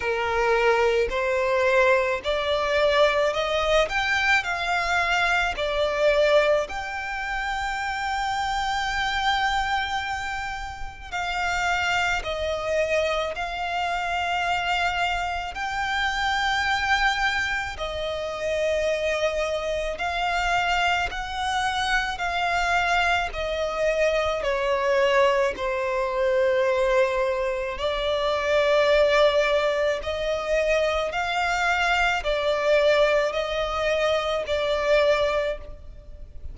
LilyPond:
\new Staff \with { instrumentName = "violin" } { \time 4/4 \tempo 4 = 54 ais'4 c''4 d''4 dis''8 g''8 | f''4 d''4 g''2~ | g''2 f''4 dis''4 | f''2 g''2 |
dis''2 f''4 fis''4 | f''4 dis''4 cis''4 c''4~ | c''4 d''2 dis''4 | f''4 d''4 dis''4 d''4 | }